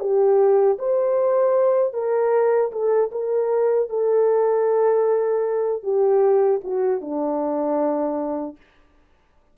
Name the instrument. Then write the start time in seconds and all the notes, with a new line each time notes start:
horn
0.00 G4
0.79 C5
1.94 A#4
2.72 A4
3.12 A#4
3.90 A4
5.83 G4
6.64 F#4
7.01 D4